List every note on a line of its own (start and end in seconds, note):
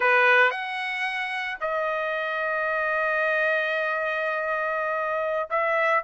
0.00 0.50 B4
0.50 1.58 F#5
1.60 5.49 D#5
5.49 6.03 E5